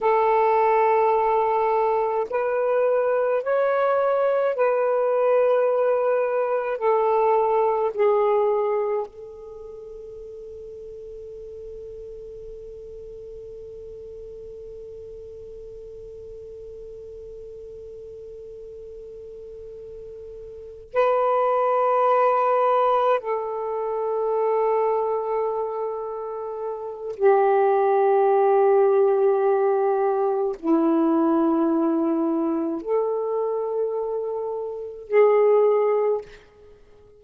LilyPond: \new Staff \with { instrumentName = "saxophone" } { \time 4/4 \tempo 4 = 53 a'2 b'4 cis''4 | b'2 a'4 gis'4 | a'1~ | a'1~ |
a'2~ a'8 b'4.~ | b'8 a'2.~ a'8 | g'2. e'4~ | e'4 a'2 gis'4 | }